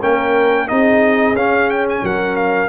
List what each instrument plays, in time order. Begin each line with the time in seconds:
0.00 tuba A#3, trombone C#4, horn A#4, trumpet G5
0.68 tuba C4, trombone D#4, horn G#4, trumpet D#5
1.33 tuba C#4, trombone C#4, trumpet F5
1.69 trumpet G5
1.89 trumpet G#5
2.03 tuba F#3, horn A#4, trumpet F#5
2.36 trumpet F5